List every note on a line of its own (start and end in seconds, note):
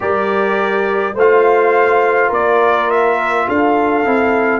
0.00 1.14 G3
0.00 1.14 G4
0.00 1.14 A#4
0.00 1.16 D5
1.14 2.30 A3
1.14 4.04 F4
1.14 2.28 C5
1.14 2.33 F5
2.28 3.46 A#3
2.28 3.44 A#4
2.28 2.90 D5
2.90 3.48 E5
3.47 4.06 D4
3.47 4.60 A4
3.47 4.60 F5
4.04 4.60 C4
4.04 4.60 E4